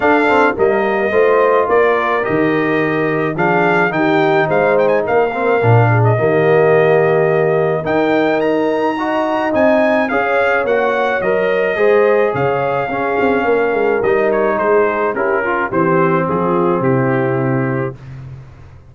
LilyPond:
<<
  \new Staff \with { instrumentName = "trumpet" } { \time 4/4 \tempo 4 = 107 f''4 dis''2 d''4 | dis''2 f''4 g''4 | f''8 g''16 gis''16 f''4.~ f''16 dis''4~ dis''16~ | dis''2 g''4 ais''4~ |
ais''4 gis''4 f''4 fis''4 | dis''2 f''2~ | f''4 dis''8 cis''8 c''4 ais'4 | c''4 gis'4 g'2 | }
  \new Staff \with { instrumentName = "horn" } { \time 4/4 a'4 ais'4 c''4 ais'4~ | ais'2 gis'4 g'4 | c''4 ais'4. gis'8 g'4~ | g'2 ais'2 |
dis''2 cis''2~ | cis''4 c''4 cis''4 gis'4 | ais'2 gis'4 g'8 f'8 | g'4 f'4 e'2 | }
  \new Staff \with { instrumentName = "trombone" } { \time 4/4 d'8 c'8 ais4 f'2 | g'2 d'4 dis'4~ | dis'4. c'8 d'4 ais4~ | ais2 dis'2 |
fis'4 dis'4 gis'4 fis'4 | ais'4 gis'2 cis'4~ | cis'4 dis'2 e'8 f'8 | c'1 | }
  \new Staff \with { instrumentName = "tuba" } { \time 4/4 d'4 g4 a4 ais4 | dis2 f4 dis4 | gis4 ais4 ais,4 dis4~ | dis2 dis'2~ |
dis'4 c'4 cis'4 ais4 | fis4 gis4 cis4 cis'8 c'8 | ais8 gis8 g4 gis4 cis'4 | e4 f4 c2 | }
>>